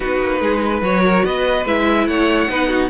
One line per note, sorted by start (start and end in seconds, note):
0.00 0.20 B3
0.00 0.81 D#4
0.00 0.41 F#4
0.00 0.82 B4
0.20 0.41 A#3
0.41 0.81 G#3
0.41 0.62 G#4
0.65 1.05 B4
0.81 1.23 F#3
0.81 1.64 F#4
0.81 1.24 C#5
1.05 1.24 A#4
1.24 1.65 B3
1.24 2.07 B4
1.24 1.66 D#5
1.65 2.06 G#3
1.65 2.49 E4
1.65 2.07 E5
2.06 2.48 A3
2.06 2.49 C#5
2.06 2.89 F#5
2.49 2.89 B3
2.49 2.89 D#4
2.49 2.68 B4
2.68 2.89 F#4